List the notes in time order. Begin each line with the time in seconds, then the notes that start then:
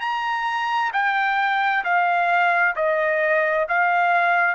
0.00 A#5
0.93 G5
1.84 F5
2.76 D#5
3.69 F5